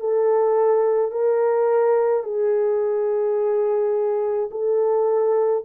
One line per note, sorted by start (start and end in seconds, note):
0.00 1.12 A4
1.12 2.24 A#4
2.24 4.50 G#4
4.51 5.64 A4